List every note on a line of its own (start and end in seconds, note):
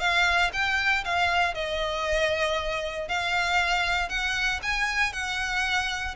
0.00 0.51 F5
0.53 1.05 G5
1.05 1.55 F5
1.55 3.08 D#5
3.09 4.09 F5
4.09 4.60 F#5
4.63 5.13 G#5
5.13 6.15 F#5